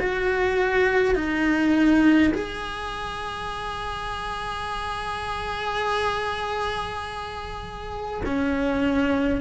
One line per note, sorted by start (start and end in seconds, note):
0.00 1.16 F#4
1.16 2.33 D#4
2.34 8.22 G#4
8.26 9.41 C#4